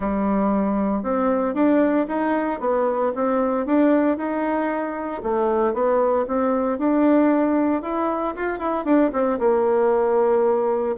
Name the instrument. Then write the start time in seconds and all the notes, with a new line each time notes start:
bassoon
0.00 G3
1.02 C4
1.54 D4
2.08 D#4
2.60 B3
3.15 C4
3.66 D4
4.17 D#4
5.23 A3
5.73 B3
6.27 C4
6.78 D4
7.82 E4
8.35 F4
8.58 E4
8.84 D4
9.12 C4
9.39 A#3